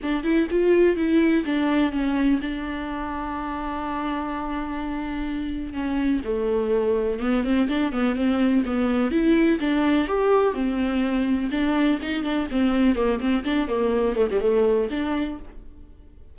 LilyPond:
\new Staff \with { instrumentName = "viola" } { \time 4/4 \tempo 4 = 125 d'8 e'8 f'4 e'4 d'4 | cis'4 d'2.~ | d'1 | cis'4 a2 b8 c'8 |
d'8 b8 c'4 b4 e'4 | d'4 g'4 c'2 | d'4 dis'8 d'8 c'4 ais8 c'8 | d'8 ais4 a16 g16 a4 d'4 | }